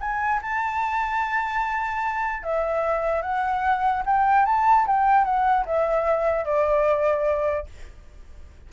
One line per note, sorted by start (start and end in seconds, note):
0.00 0.41 G#5
0.42 2.43 A5
2.43 3.22 E5
3.22 4.03 F#5
4.05 4.45 G5
4.45 4.86 A5
4.86 5.24 G5
5.24 5.65 F#5
5.65 6.44 E5
6.44 7.66 D5